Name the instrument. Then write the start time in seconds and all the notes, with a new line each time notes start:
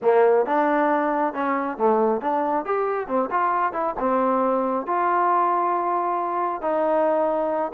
trombone
0.02 A#3
0.46 D4
1.33 C#4
1.77 A3
2.21 D4
2.65 G4
3.07 C4
3.30 F4
3.72 E4
3.99 C4
4.86 F4
6.61 D#4